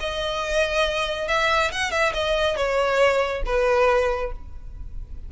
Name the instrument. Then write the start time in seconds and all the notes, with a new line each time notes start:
violin
0.00 D#5
1.28 E5
1.72 F#5
1.91 E5
2.14 D#5
2.57 C#5
3.46 B4